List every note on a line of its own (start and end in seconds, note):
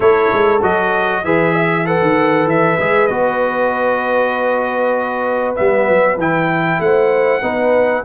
0.00 0.29 A3
0.00 0.59 E4
0.00 1.22 A4
0.00 0.62 C#5
0.32 0.62 G#3
0.62 1.23 F#3
0.62 1.23 F#4
0.62 1.24 D#5
1.23 2.01 E3
1.23 1.85 G#4
1.23 1.53 B4
1.23 1.86 E5
1.53 1.84 E5
1.85 2.78 A4
1.85 6.81 B4
1.85 2.48 F#5
2.01 2.46 D#3
2.46 2.77 E3
2.46 3.07 E5
2.78 3.09 G#3
2.78 3.10 G#4
3.07 5.56 B3
3.07 5.56 F#4
3.07 5.54 D#5
5.55 5.88 G3
5.55 6.18 B3
5.55 6.17 E5
5.88 6.16 F#3
6.16 6.78 E3
6.16 7.42 E4
6.16 6.80 G5
6.79 7.41 A3
6.79 7.41 C5
6.79 8.04 F#5
7.41 8.04 B3
7.41 8.04 D#4
7.41 8.03 B4